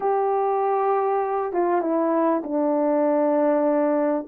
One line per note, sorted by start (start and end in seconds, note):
0.00 1.53 G4
1.53 1.81 F4
1.81 2.42 E4
2.43 4.27 D4